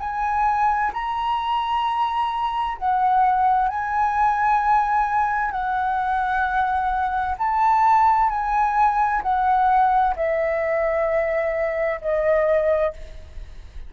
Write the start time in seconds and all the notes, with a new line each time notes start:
0.00 G#5
0.93 A#5
2.78 F#5
3.68 G#5
5.51 F#5
7.38 A5
8.30 G#5
9.23 F#5
10.16 E5
12.01 D#5